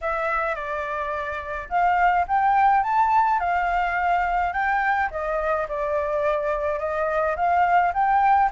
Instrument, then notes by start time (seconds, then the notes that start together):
flute
0.01 E5
0.55 D5
1.69 F5
2.27 G5
2.83 A5
3.39 F5
4.52 G5
5.10 D#5
5.68 D5
6.79 D#5
7.36 F5
7.93 G5